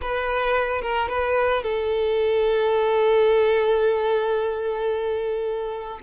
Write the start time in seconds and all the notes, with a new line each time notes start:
0.01 B4
0.81 A#4
1.08 B4
1.63 A4